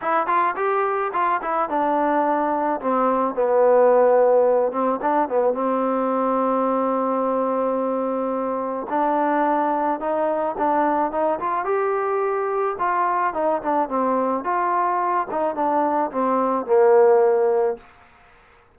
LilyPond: \new Staff \with { instrumentName = "trombone" } { \time 4/4 \tempo 4 = 108 e'8 f'8 g'4 f'8 e'8 d'4~ | d'4 c'4 b2~ | b8 c'8 d'8 b8 c'2~ | c'1 |
d'2 dis'4 d'4 | dis'8 f'8 g'2 f'4 | dis'8 d'8 c'4 f'4. dis'8 | d'4 c'4 ais2 | }